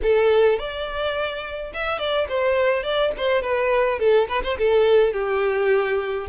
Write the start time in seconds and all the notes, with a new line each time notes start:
0.02 A4
0.58 D5
1.73 E5
1.98 D5
2.28 C5
2.83 D5
3.17 C5
3.42 B4
3.99 A4
4.28 B4
4.43 C5
4.58 A4
5.13 G4